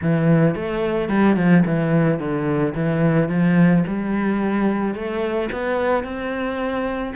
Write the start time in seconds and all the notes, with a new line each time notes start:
0.02 E3
0.55 A3
1.09 G3
1.36 F3
1.65 E3
2.19 D3
2.74 E3
3.29 F3
3.87 G3
4.94 A3
5.52 B3
6.04 C4